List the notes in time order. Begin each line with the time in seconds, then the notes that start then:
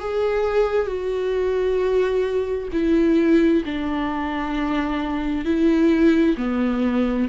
0.00 G#4
0.86 F#4
2.72 E4
3.65 D4
5.45 E4
6.37 B3